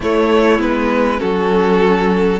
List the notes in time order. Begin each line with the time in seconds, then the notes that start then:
0.00 A3 E4 C#5
0.58 G#3 B3 B4
1.18 F#3 C#4 F#4 A4